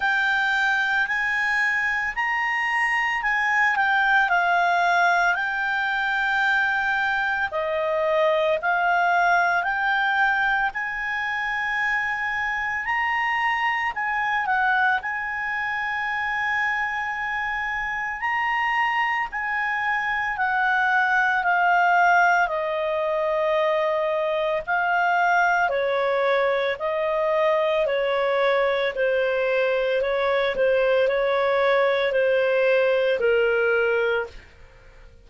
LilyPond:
\new Staff \with { instrumentName = "clarinet" } { \time 4/4 \tempo 4 = 56 g''4 gis''4 ais''4 gis''8 g''8 | f''4 g''2 dis''4 | f''4 g''4 gis''2 | ais''4 gis''8 fis''8 gis''2~ |
gis''4 ais''4 gis''4 fis''4 | f''4 dis''2 f''4 | cis''4 dis''4 cis''4 c''4 | cis''8 c''8 cis''4 c''4 ais'4 | }